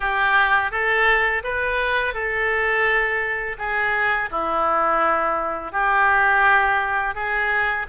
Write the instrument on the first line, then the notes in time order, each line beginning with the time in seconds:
oboe
0.00 G4
0.71 A4
1.43 B4
2.14 A4
3.58 G#4
4.31 E4
5.72 G4
7.15 G#4